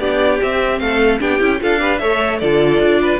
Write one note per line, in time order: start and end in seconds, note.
0.00 0.40 B3
0.00 0.41 D4
0.00 0.80 G4
0.00 0.40 D5
0.43 0.81 C4
0.43 1.21 C4
0.43 0.80 E5
0.80 1.21 A3
0.80 1.21 A4
0.80 1.20 F5
1.21 1.41 B3
1.21 1.40 D4
1.21 1.61 G4
1.21 1.61 G5
1.40 1.61 C#4
1.40 1.60 E4
1.61 2.02 D4
1.61 1.79 F4
1.61 1.81 A4
1.61 1.99 F5
1.79 1.99 G4
1.79 2.01 B4
1.99 2.42 A3
1.99 2.41 A4
1.99 2.40 C#5
1.99 2.39 E5
2.40 2.79 D3
2.40 3.20 F4
2.40 3.00 A4
2.40 3.20 D5
2.79 3.19 D4
3.02 3.20 B4